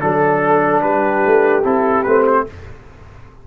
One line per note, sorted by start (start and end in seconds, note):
0.00 0.83 F#3
0.00 1.62 D4
0.00 0.81 A4
0.00 0.83 A4
0.81 1.23 G3
0.81 2.45 G4
0.81 1.62 B4
1.25 1.64 A3
1.64 2.05 C4
1.64 2.05 E4
1.64 2.03 A4
2.03 2.46 A3
2.03 2.47 C4
2.03 2.23 B4
2.26 2.46 C5